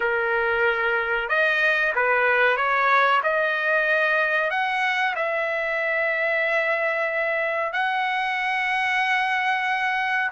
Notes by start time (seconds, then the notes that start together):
0.00 A#4
1.28 D#5
1.95 B4
2.56 C#5
3.23 D#5
4.50 F#5
5.15 E5
7.72 F#5